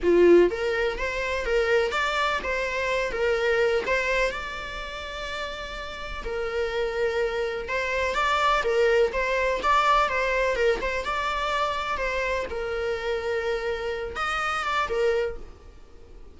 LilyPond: \new Staff \with { instrumentName = "viola" } { \time 4/4 \tempo 4 = 125 f'4 ais'4 c''4 ais'4 | d''4 c''4. ais'4. | c''4 d''2.~ | d''4 ais'2. |
c''4 d''4 ais'4 c''4 | d''4 c''4 ais'8 c''8 d''4~ | d''4 c''4 ais'2~ | ais'4. dis''4 d''8 ais'4 | }